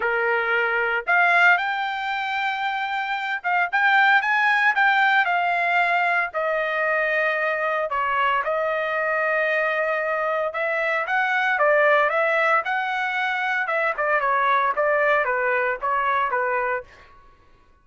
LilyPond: \new Staff \with { instrumentName = "trumpet" } { \time 4/4 \tempo 4 = 114 ais'2 f''4 g''4~ | g''2~ g''8 f''8 g''4 | gis''4 g''4 f''2 | dis''2. cis''4 |
dis''1 | e''4 fis''4 d''4 e''4 | fis''2 e''8 d''8 cis''4 | d''4 b'4 cis''4 b'4 | }